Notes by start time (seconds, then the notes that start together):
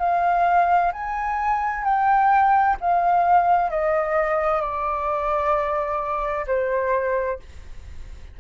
0.00 F5
0.93 G#5
1.85 G5
2.81 F5
3.71 D#5
4.62 D5
6.47 C5